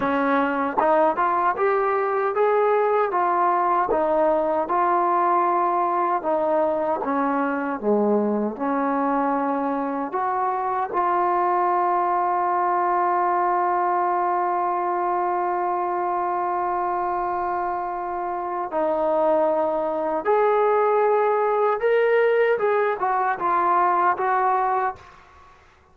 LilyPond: \new Staff \with { instrumentName = "trombone" } { \time 4/4 \tempo 4 = 77 cis'4 dis'8 f'8 g'4 gis'4 | f'4 dis'4 f'2 | dis'4 cis'4 gis4 cis'4~ | cis'4 fis'4 f'2~ |
f'1~ | f'1 | dis'2 gis'2 | ais'4 gis'8 fis'8 f'4 fis'4 | }